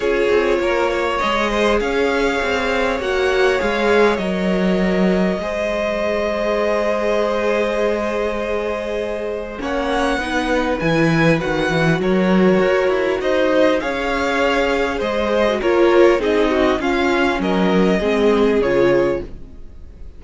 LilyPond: <<
  \new Staff \with { instrumentName = "violin" } { \time 4/4 \tempo 4 = 100 cis''2 dis''4 f''4~ | f''4 fis''4 f''4 dis''4~ | dis''1~ | dis''1 |
fis''2 gis''4 fis''4 | cis''2 dis''4 f''4~ | f''4 dis''4 cis''4 dis''4 | f''4 dis''2 cis''4 | }
  \new Staff \with { instrumentName = "violin" } { \time 4/4 gis'4 ais'8 cis''4 c''8 cis''4~ | cis''1~ | cis''4 c''2.~ | c''1 |
cis''4 b'2. | ais'2 c''4 cis''4~ | cis''4 c''4 ais'4 gis'8 fis'8 | f'4 ais'4 gis'2 | }
  \new Staff \with { instrumentName = "viola" } { \time 4/4 f'2 gis'2~ | gis'4 fis'4 gis'4 ais'4~ | ais'4 gis'2.~ | gis'1 |
cis'4 dis'4 e'4 fis'4~ | fis'2. gis'4~ | gis'4.~ gis'16 fis'16 f'4 dis'4 | cis'2 c'4 f'4 | }
  \new Staff \with { instrumentName = "cello" } { \time 4/4 cis'8 c'8 ais4 gis4 cis'4 | c'4 ais4 gis4 fis4~ | fis4 gis2.~ | gis1 |
ais4 b4 e4 dis8 e8 | fis4 fis'8 e'8 dis'4 cis'4~ | cis'4 gis4 ais4 c'4 | cis'4 fis4 gis4 cis4 | }
>>